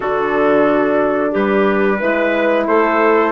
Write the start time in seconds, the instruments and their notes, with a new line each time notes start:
0.00 bassoon D3, horn D4, clarinet F#4, trumpet A4
1.31 bassoon G3, clarinet G4, trumpet B4
1.99 bassoon G#3, horn E4, clarinet B4
2.66 bassoon A3, clarinet A4, trumpet C5